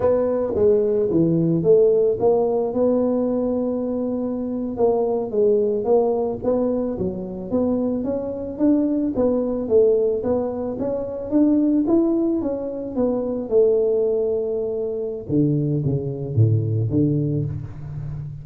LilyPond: \new Staff \with { instrumentName = "tuba" } { \time 4/4 \tempo 4 = 110 b4 gis4 e4 a4 | ais4 b2.~ | b8. ais4 gis4 ais4 b16~ | b8. fis4 b4 cis'4 d'16~ |
d'8. b4 a4 b4 cis'16~ | cis'8. d'4 e'4 cis'4 b16~ | b8. a2.~ a16 | d4 cis4 a,4 d4 | }